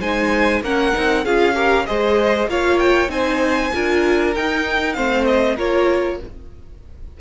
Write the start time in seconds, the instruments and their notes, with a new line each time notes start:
0.00 cello G#3, viola D#4, violin C5 G#5
0.61 cello A#3, viola C#4, violin A#4 F#5
0.93 cello C4, viola D#4
1.24 cello C#4, viola F4, violin G#4 F5
1.54 viola G4, violin A#4
1.86 cello G#3, viola G#4, violin C5 D#5
2.47 cello A#3, viola F4, violin C#5 F5
2.79 violin G5
3.08 cello C4, viola D#4, violin C5 G#5
3.72 cello D4, viola F4, violin A#4
4.35 cello D#4, viola D#4, violin G5
4.93 cello A3, viola C4, violin C5 F5
5.25 violin D#5
5.55 cello A#3, viola F4, violin A#4 C#5